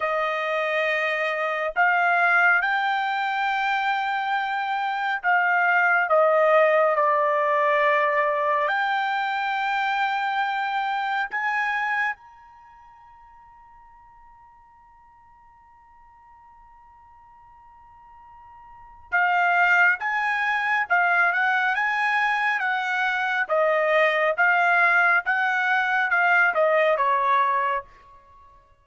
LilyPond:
\new Staff \with { instrumentName = "trumpet" } { \time 4/4 \tempo 4 = 69 dis''2 f''4 g''4~ | g''2 f''4 dis''4 | d''2 g''2~ | g''4 gis''4 ais''2~ |
ais''1~ | ais''2 f''4 gis''4 | f''8 fis''8 gis''4 fis''4 dis''4 | f''4 fis''4 f''8 dis''8 cis''4 | }